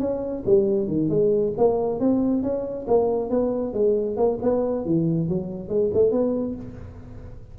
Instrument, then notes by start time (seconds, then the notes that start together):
tuba
0.00 C#4
0.46 G3
0.88 D#3
1.09 G#3
1.58 A#3
2.00 C4
2.43 C#4
2.87 A#3
3.30 B3
3.74 G#3
4.17 A#3
4.42 B3
4.86 E3
5.29 F#3
5.69 G#3
5.94 A3
6.12 B3